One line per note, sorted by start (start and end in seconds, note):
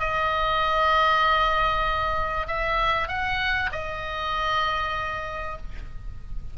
0.00 2.47 D#5
2.48 3.08 E5
3.08 3.70 F#5
3.72 5.58 D#5